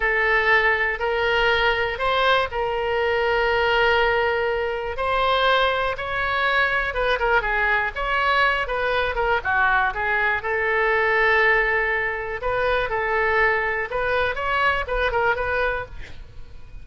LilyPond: \new Staff \with { instrumentName = "oboe" } { \time 4/4 \tempo 4 = 121 a'2 ais'2 | c''4 ais'2.~ | ais'2 c''2 | cis''2 b'8 ais'8 gis'4 |
cis''4. b'4 ais'8 fis'4 | gis'4 a'2.~ | a'4 b'4 a'2 | b'4 cis''4 b'8 ais'8 b'4 | }